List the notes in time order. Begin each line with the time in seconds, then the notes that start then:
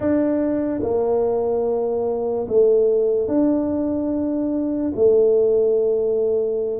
0.00 D4
0.82 A#3
2.48 A3
3.28 D4
4.95 A3